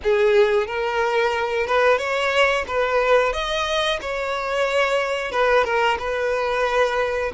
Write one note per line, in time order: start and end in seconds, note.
0.03 0.66 G#4
0.66 1.66 A#4
1.67 1.98 B4
1.98 2.65 C#5
2.67 3.32 B4
3.32 3.99 D#5
4.01 5.31 C#5
5.31 5.64 B4
5.64 5.97 A#4
5.98 7.32 B4